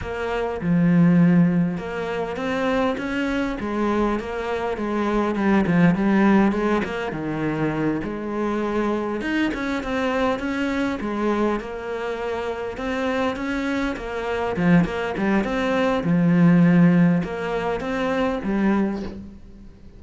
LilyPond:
\new Staff \with { instrumentName = "cello" } { \time 4/4 \tempo 4 = 101 ais4 f2 ais4 | c'4 cis'4 gis4 ais4 | gis4 g8 f8 g4 gis8 ais8 | dis4. gis2 dis'8 |
cis'8 c'4 cis'4 gis4 ais8~ | ais4. c'4 cis'4 ais8~ | ais8 f8 ais8 g8 c'4 f4~ | f4 ais4 c'4 g4 | }